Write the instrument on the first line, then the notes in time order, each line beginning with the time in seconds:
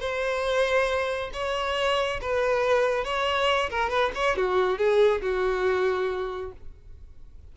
violin
0.00 C5
1.33 C#5
2.21 B4
3.04 C#5
3.70 A#4
3.90 B4
4.15 C#5
4.36 F#4
4.78 G#4
5.21 F#4